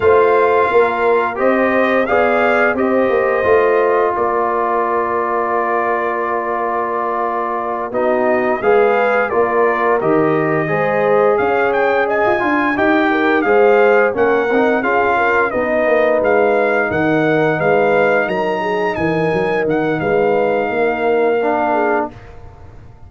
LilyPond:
<<
  \new Staff \with { instrumentName = "trumpet" } { \time 4/4 \tempo 4 = 87 f''2 dis''4 f''4 | dis''2 d''2~ | d''2.~ d''8 dis''8~ | dis''8 f''4 d''4 dis''4.~ |
dis''8 f''8 g''8 gis''4 g''4 f''8~ | f''8 fis''4 f''4 dis''4 f''8~ | f''8 fis''4 f''4 ais''4 gis''8~ | gis''8 fis''8 f''2. | }
  \new Staff \with { instrumentName = "horn" } { \time 4/4 c''4 ais'4 c''4 d''4 | c''2 ais'2~ | ais'2.~ ais'8 fis'8~ | fis'8 b'4 ais'2 c''8~ |
c''8 cis''4 dis''8 f''8 dis''8 ais'8 c''8~ | c''8 ais'4 gis'8 ais'8 b'4.~ | b'8 ais'4 b'4 ais'8 gis'8 ais'8~ | ais'4 b'4 ais'4. gis'8 | }
  \new Staff \with { instrumentName = "trombone" } { \time 4/4 f'2 g'4 gis'4 | g'4 f'2.~ | f'2.~ f'8 dis'8~ | dis'8 gis'4 f'4 g'4 gis'8~ |
gis'2 f'8 g'4 gis'8~ | gis'8 cis'8 dis'8 f'4 dis'4.~ | dis'1~ | dis'2. d'4 | }
  \new Staff \with { instrumentName = "tuba" } { \time 4/4 a4 ais4 c'4 b4 | c'8 ais8 a4 ais2~ | ais2.~ ais8 b8~ | b8 gis4 ais4 dis4 gis8~ |
gis8 cis'4~ cis'16 f'16 d'8 dis'4 gis8~ | gis8 ais8 c'8 cis'4 b8 ais8 gis8~ | gis8 dis4 gis4 fis4 e8 | fis8 dis8 gis4 ais2 | }
>>